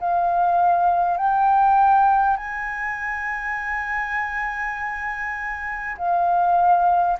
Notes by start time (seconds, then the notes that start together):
0.00 F5
1.17 G5
2.37 G#5
5.97 F5